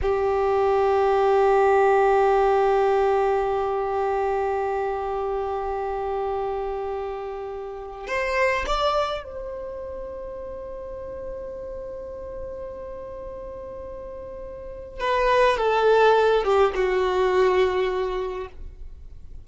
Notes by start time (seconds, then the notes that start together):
0.02 G4
8.07 C5
8.66 D5
9.23 C5
15.00 B4
15.57 A4
16.44 G4
16.74 F#4